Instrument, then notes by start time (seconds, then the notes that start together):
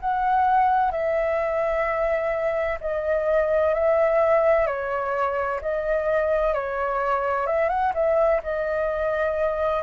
flute
0.00 F#5
0.91 E5
2.80 D#5
3.74 E5
4.66 C#5
5.61 D#5
6.54 C#5
7.47 E5
7.69 F#5
7.94 E5
8.43 D#5